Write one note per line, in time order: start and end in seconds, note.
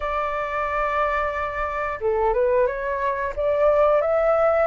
0.00 1.99 D5
2.00 2.33 A4
2.33 2.66 B4
2.66 3.33 C#5
3.36 4.01 D5
4.01 4.67 E5